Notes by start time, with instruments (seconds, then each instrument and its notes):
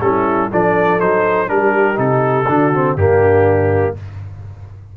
0.00 tuba G3, trombone C#4, horn E4, trumpet A4
0.50 tuba F3, trombone D4, horn A4, trumpet D5
0.99 tuba F#3, trombone D#4, trumpet C5
1.47 tuba G3, trombone D4, horn G4, trumpet A#4
1.95 tuba C3, trombone D#4, trumpet A4
2.48 tuba D3, trombone D4, horn F#4
2.73 trombone C4
2.96 tuba G2, trombone A#3, horn D4, trumpet G4